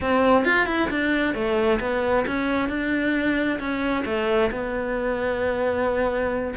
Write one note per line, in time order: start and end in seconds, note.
0.00 0.44 C4
0.44 0.66 F4
0.66 0.89 E4
0.90 1.34 D4
1.34 1.79 A3
1.80 2.25 B3
2.26 2.68 C#4
2.68 3.59 D4
3.59 4.04 C#4
4.05 4.50 A3
4.51 6.54 B3